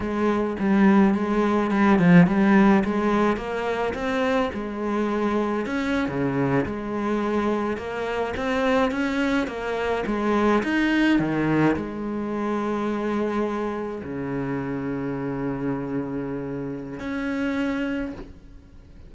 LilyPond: \new Staff \with { instrumentName = "cello" } { \time 4/4 \tempo 4 = 106 gis4 g4 gis4 g8 f8 | g4 gis4 ais4 c'4 | gis2 cis'8. cis4 gis16~ | gis4.~ gis16 ais4 c'4 cis'16~ |
cis'8. ais4 gis4 dis'4 dis16~ | dis8. gis2.~ gis16~ | gis8. cis2.~ cis16~ | cis2 cis'2 | }